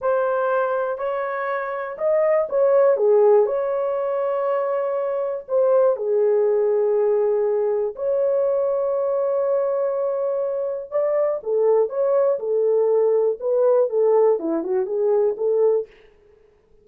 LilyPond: \new Staff \with { instrumentName = "horn" } { \time 4/4 \tempo 4 = 121 c''2 cis''2 | dis''4 cis''4 gis'4 cis''4~ | cis''2. c''4 | gis'1 |
cis''1~ | cis''2 d''4 a'4 | cis''4 a'2 b'4 | a'4 e'8 fis'8 gis'4 a'4 | }